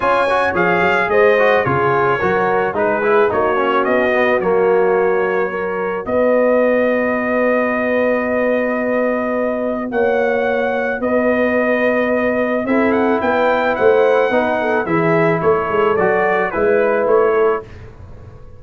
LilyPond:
<<
  \new Staff \with { instrumentName = "trumpet" } { \time 4/4 \tempo 4 = 109 gis''4 f''4 dis''4 cis''4~ | cis''4 b'4 cis''4 dis''4 | cis''2. dis''4~ | dis''1~ |
dis''2 fis''2 | dis''2. e''8 fis''8 | g''4 fis''2 e''4 | cis''4 d''4 b'4 cis''4 | }
  \new Staff \with { instrumentName = "horn" } { \time 4/4 cis''2 c''4 gis'4 | ais'4 gis'4 fis'2~ | fis'2 ais'4 b'4~ | b'1~ |
b'2 cis''2 | b'2. a'4 | b'4 c''4 b'8 a'8 gis'4 | a'2 b'4. a'8 | }
  \new Staff \with { instrumentName = "trombone" } { \time 4/4 f'8 fis'8 gis'4. fis'8 f'4 | fis'4 dis'8 e'8 dis'8 cis'4 b8 | ais2 fis'2~ | fis'1~ |
fis'1~ | fis'2. e'4~ | e'2 dis'4 e'4~ | e'4 fis'4 e'2 | }
  \new Staff \with { instrumentName = "tuba" } { \time 4/4 cis'4 f8 fis8 gis4 cis4 | fis4 gis4 ais4 b4 | fis2. b4~ | b1~ |
b2 ais2 | b2. c'4 | b4 a4 b4 e4 | a8 gis8 fis4 gis4 a4 | }
>>